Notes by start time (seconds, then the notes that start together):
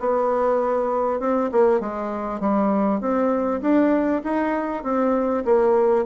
0.00 B3
1.20 C4
1.52 A#3
1.80 G#3
2.40 G3
3.01 C4
3.61 D4
4.24 D#4
4.83 C4
5.45 A#3